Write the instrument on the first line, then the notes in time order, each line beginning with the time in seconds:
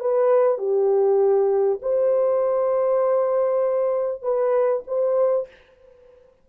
horn
0.00 B4
0.58 G4
1.82 C5
4.22 B4
4.87 C5